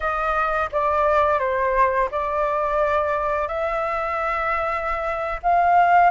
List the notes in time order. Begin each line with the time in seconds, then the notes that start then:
0.00 D#5
0.72 D5
1.39 C5
2.11 D5
3.48 E5
5.43 F5